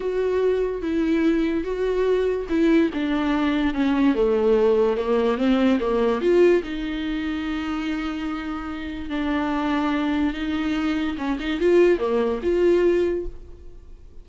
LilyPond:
\new Staff \with { instrumentName = "viola" } { \time 4/4 \tempo 4 = 145 fis'2 e'2 | fis'2 e'4 d'4~ | d'4 cis'4 a2 | ais4 c'4 ais4 f'4 |
dis'1~ | dis'2 d'2~ | d'4 dis'2 cis'8 dis'8 | f'4 ais4 f'2 | }